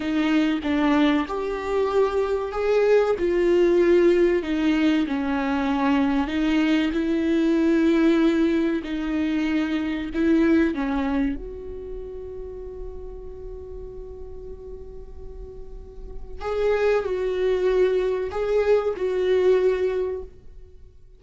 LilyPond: \new Staff \with { instrumentName = "viola" } { \time 4/4 \tempo 4 = 95 dis'4 d'4 g'2 | gis'4 f'2 dis'4 | cis'2 dis'4 e'4~ | e'2 dis'2 |
e'4 cis'4 fis'2~ | fis'1~ | fis'2 gis'4 fis'4~ | fis'4 gis'4 fis'2 | }